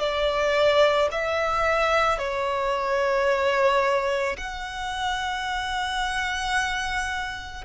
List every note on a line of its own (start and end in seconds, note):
0.00 1.09 D5
1.12 2.19 E5
2.19 4.37 C#5
4.38 7.65 F#5